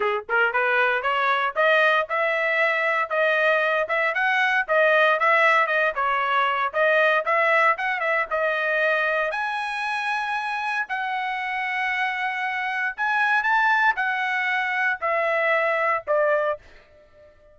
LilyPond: \new Staff \with { instrumentName = "trumpet" } { \time 4/4 \tempo 4 = 116 gis'8 ais'8 b'4 cis''4 dis''4 | e''2 dis''4. e''8 | fis''4 dis''4 e''4 dis''8 cis''8~ | cis''4 dis''4 e''4 fis''8 e''8 |
dis''2 gis''2~ | gis''4 fis''2.~ | fis''4 gis''4 a''4 fis''4~ | fis''4 e''2 d''4 | }